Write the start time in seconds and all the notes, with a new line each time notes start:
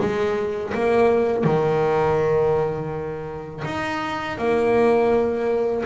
0.00 G#3
0.74 A#3
1.44 D#3
3.65 D#4
4.38 A#3